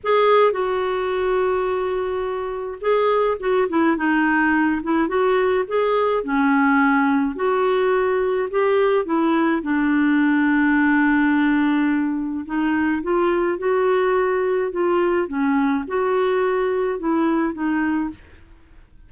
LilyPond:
\new Staff \with { instrumentName = "clarinet" } { \time 4/4 \tempo 4 = 106 gis'4 fis'2.~ | fis'4 gis'4 fis'8 e'8 dis'4~ | dis'8 e'8 fis'4 gis'4 cis'4~ | cis'4 fis'2 g'4 |
e'4 d'2.~ | d'2 dis'4 f'4 | fis'2 f'4 cis'4 | fis'2 e'4 dis'4 | }